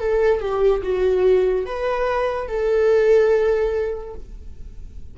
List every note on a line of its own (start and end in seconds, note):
0.00 0.41 A4
0.41 0.83 G4
0.83 1.66 F#4
1.66 2.48 B4
2.48 4.15 A4